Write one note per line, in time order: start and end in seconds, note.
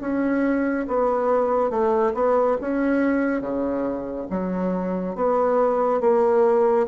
0.00 0.86 C#4
0.88 1.70 B3
1.70 2.13 A3
2.14 2.57 B3
2.61 3.41 C#4
3.41 4.27 C#3
4.30 5.15 F#3
5.15 6.00 B3
6.00 6.86 A#3